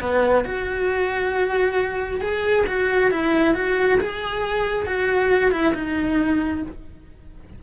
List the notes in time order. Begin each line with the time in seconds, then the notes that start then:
0.00 B3
0.44 F#4
2.21 G#4
2.66 F#4
3.11 E4
3.54 F#4
4.00 G#4
4.86 F#4
5.51 E4
5.74 D#4